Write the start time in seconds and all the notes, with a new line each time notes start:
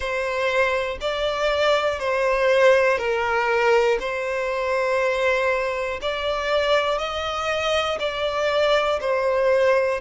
0.00 C5
1.00 D5
1.99 C5
2.97 A#4
4.00 C5
6.01 D5
6.98 D#5
7.99 D5
9.00 C5